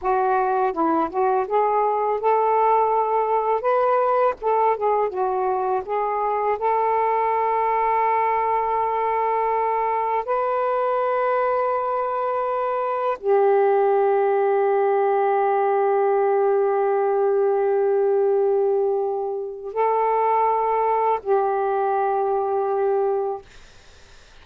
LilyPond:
\new Staff \with { instrumentName = "saxophone" } { \time 4/4 \tempo 4 = 82 fis'4 e'8 fis'8 gis'4 a'4~ | a'4 b'4 a'8 gis'8 fis'4 | gis'4 a'2.~ | a'2 b'2~ |
b'2 g'2~ | g'1~ | g'2. a'4~ | a'4 g'2. | }